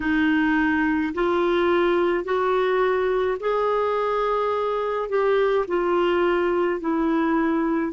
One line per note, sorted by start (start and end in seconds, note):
0.00 1.13 D#4
1.14 2.24 F4
2.24 3.37 F#4
3.40 5.09 G#4
5.09 5.66 G4
5.67 6.80 F4
6.80 7.92 E4